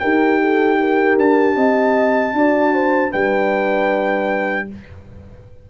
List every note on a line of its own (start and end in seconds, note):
0.00 1.18 D#4
0.00 2.36 G4
0.00 0.40 A#4
0.00 1.17 G5
0.41 0.80 A4
0.81 1.56 A#4
1.18 1.56 D4
1.18 3.13 A5
1.56 2.33 C4
1.56 2.34 D#5
2.33 3.11 D4
2.33 3.12 F#4
2.33 2.74 D5
2.74 3.11 C5
3.11 4.70 G3
3.11 4.68 D4
3.11 4.67 B4
3.11 4.69 G5